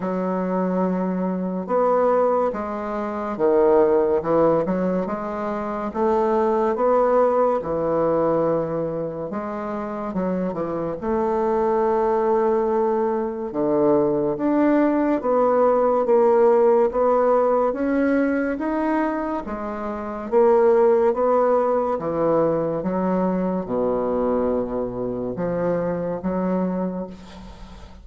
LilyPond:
\new Staff \with { instrumentName = "bassoon" } { \time 4/4 \tempo 4 = 71 fis2 b4 gis4 | dis4 e8 fis8 gis4 a4 | b4 e2 gis4 | fis8 e8 a2. |
d4 d'4 b4 ais4 | b4 cis'4 dis'4 gis4 | ais4 b4 e4 fis4 | b,2 f4 fis4 | }